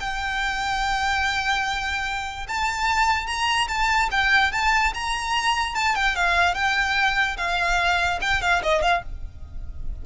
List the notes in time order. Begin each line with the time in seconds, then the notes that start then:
0.00 G5
2.48 A5
3.27 A#5
3.68 A5
4.11 G5
4.52 A5
4.94 A#5
5.75 A5
5.95 G5
6.16 F5
6.55 G5
7.37 F5
8.21 G5
8.41 F5
8.63 D#5
8.82 F5